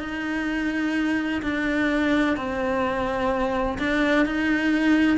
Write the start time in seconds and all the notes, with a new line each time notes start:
0.00 D#4
1.42 D4
2.37 C4
3.78 D4
4.26 D#4